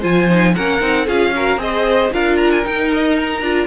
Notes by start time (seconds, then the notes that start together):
0.00 F3 F4 C5 G#5
0.29 D#4
0.55 A#3 C#4 A#4 F#5
0.80 C4 D#4
1.05 C#4 F4 G#4 F5
1.35 F#4 A#4
1.56 C4 G#4 C5 D#5
2.12 D4 F4 A#4 F5
2.37 A#5
2.51 G#5
2.64 D#4 G5
2.93 D#5
3.17 A#5
3.41 D4 F4